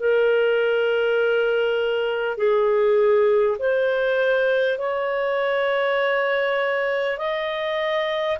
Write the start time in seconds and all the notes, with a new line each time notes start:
0.00 A#4
2.38 G#4
3.59 C5
4.79 C#5
7.18 D#5